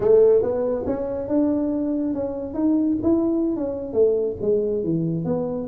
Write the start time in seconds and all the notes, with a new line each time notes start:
0.00 A3
0.42 B3
0.86 C#4
1.28 D4
2.14 C#4
2.54 D#4
3.02 E4
3.56 C#4
3.93 A3
4.41 G#3
4.83 E3
5.24 B3